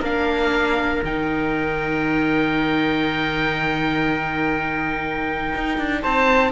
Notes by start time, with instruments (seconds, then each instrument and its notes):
0.00 cello A#3, viola D4, trumpet A#4, oboe F5
1.04 cello D#3, viola D#4, oboe G5
5.55 cello D#4
5.78 cello D4
6.03 cello C4, trumpet C5, oboe A5